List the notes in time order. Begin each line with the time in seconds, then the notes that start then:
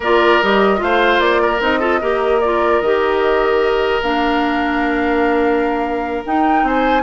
0.00 A#3 F4 A#4 D5
0.42 G3 G4 D#5
0.77 A3 F4 F5
0.83 C5
1.19 A#3 D5
1.42 A#4
1.60 C4 D#4 D#5
1.79 F4 A4
2.01 A#3 G4 A#4
2.41 F4 D5
2.80 D#3 G4 D#5
4.02 A#3 D4 F5
6.25 D#4 G5
6.63 C4 C5 G#5